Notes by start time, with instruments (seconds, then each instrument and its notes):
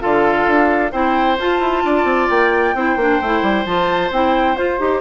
0.00 bassoon D3, clarinet F4, oboe A4, flute F5
0.47 bassoon D4
0.92 bassoon C4, clarinet E4, oboe C5, flute G5
1.38 bassoon F4, clarinet F4, flute A5
1.60 bassoon E4
1.85 bassoon D4, oboe D5
2.04 bassoon C4
2.29 bassoon A#3, flute G5
2.74 bassoon C4, clarinet E4, oboe C5
2.96 bassoon A#3, clarinet D4
3.21 bassoon A3, clarinet E4
3.42 bassoon G3
3.65 bassoon F3, clarinet F4, flute A5
4.11 bassoon C4, clarinet E4, flute G5
4.56 clarinet F4, bassoon F4, flute C5
4.79 bassoon D#4, clarinet G4